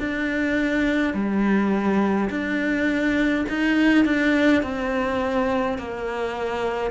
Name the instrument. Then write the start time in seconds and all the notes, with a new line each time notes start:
cello
0.00 D4
1.14 G3
2.30 D4
3.49 D#4
4.05 D4
4.63 C4
5.78 A#3